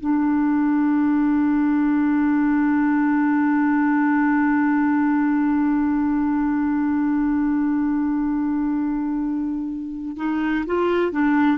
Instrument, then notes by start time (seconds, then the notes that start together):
clarinet
0.00 D4
10.16 D#4
10.66 F4
11.12 D4